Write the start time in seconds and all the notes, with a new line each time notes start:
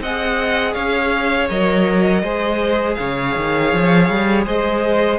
0.00 C4 G#4 D#5 F#5
0.73 C#4 C#5 F5
1.49 F#3 A#4 D#5
2.22 G#3 G#4 C5
2.94 C#3 C#5 F5
3.36 D#3
3.73 F3
4.09 G3
4.45 G#3 C5 D#5